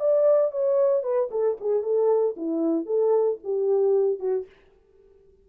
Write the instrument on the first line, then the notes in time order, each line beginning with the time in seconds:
horn
0.00 D5
0.52 C#5
1.03 B4
1.31 A4
1.61 G#4
1.83 A4
2.37 E4
2.86 A4
3.44 G4
4.20 F#4